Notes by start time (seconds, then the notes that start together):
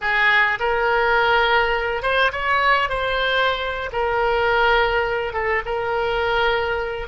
0.01 G#4
0.59 A#4
2.02 C5
2.32 C#5
2.89 C5
3.92 A#4
5.33 A4
5.65 A#4